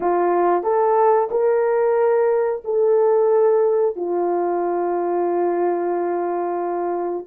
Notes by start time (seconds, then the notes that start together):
0.00 F4
0.63 A4
1.30 A#4
2.64 A4
3.96 F4